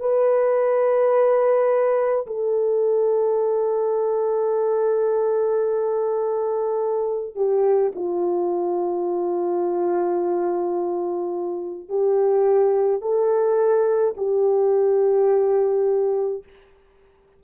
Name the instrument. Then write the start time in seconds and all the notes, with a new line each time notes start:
horn
0.00 B4
2.26 A4
7.35 G4
7.95 F4
11.89 G4
13.01 A4
14.17 G4